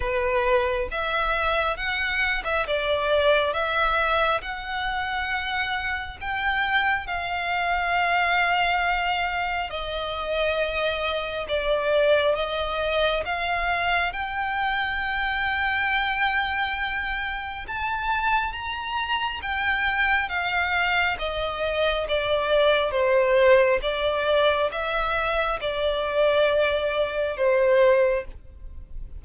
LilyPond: \new Staff \with { instrumentName = "violin" } { \time 4/4 \tempo 4 = 68 b'4 e''4 fis''8. e''16 d''4 | e''4 fis''2 g''4 | f''2. dis''4~ | dis''4 d''4 dis''4 f''4 |
g''1 | a''4 ais''4 g''4 f''4 | dis''4 d''4 c''4 d''4 | e''4 d''2 c''4 | }